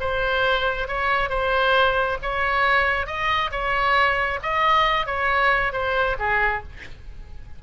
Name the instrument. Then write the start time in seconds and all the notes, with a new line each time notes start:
oboe
0.00 C5
0.87 C#5
1.29 C5
2.22 C#5
3.06 D#5
3.51 C#5
4.43 D#5
5.06 C#5
5.72 C5
6.19 G#4